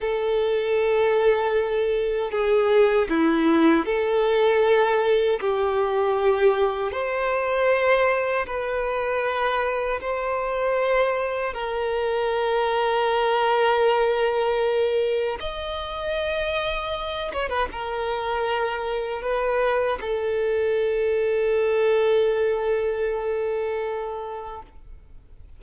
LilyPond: \new Staff \with { instrumentName = "violin" } { \time 4/4 \tempo 4 = 78 a'2. gis'4 | e'4 a'2 g'4~ | g'4 c''2 b'4~ | b'4 c''2 ais'4~ |
ais'1 | dis''2~ dis''8 cis''16 b'16 ais'4~ | ais'4 b'4 a'2~ | a'1 | }